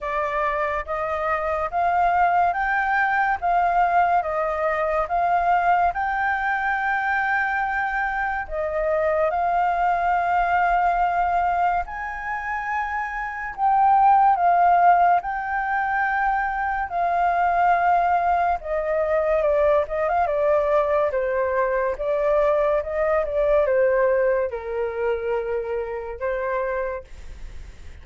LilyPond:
\new Staff \with { instrumentName = "flute" } { \time 4/4 \tempo 4 = 71 d''4 dis''4 f''4 g''4 | f''4 dis''4 f''4 g''4~ | g''2 dis''4 f''4~ | f''2 gis''2 |
g''4 f''4 g''2 | f''2 dis''4 d''8 dis''16 f''16 | d''4 c''4 d''4 dis''8 d''8 | c''4 ais'2 c''4 | }